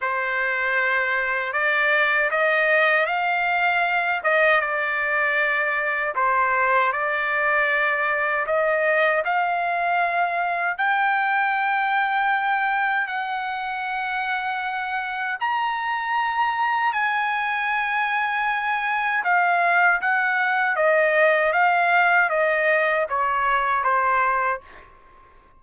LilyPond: \new Staff \with { instrumentName = "trumpet" } { \time 4/4 \tempo 4 = 78 c''2 d''4 dis''4 | f''4. dis''8 d''2 | c''4 d''2 dis''4 | f''2 g''2~ |
g''4 fis''2. | ais''2 gis''2~ | gis''4 f''4 fis''4 dis''4 | f''4 dis''4 cis''4 c''4 | }